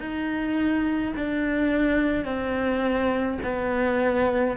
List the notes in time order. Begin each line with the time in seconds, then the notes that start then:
0.00 D#4
1.17 D4
2.25 C4
3.44 B3